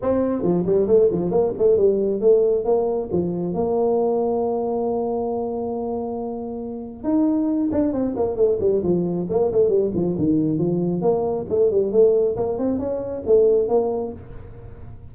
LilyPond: \new Staff \with { instrumentName = "tuba" } { \time 4/4 \tempo 4 = 136 c'4 f8 g8 a8 f8 ais8 a8 | g4 a4 ais4 f4 | ais1~ | ais1 |
dis'4. d'8 c'8 ais8 a8 g8 | f4 ais8 a8 g8 f8 dis4 | f4 ais4 a8 g8 a4 | ais8 c'8 cis'4 a4 ais4 | }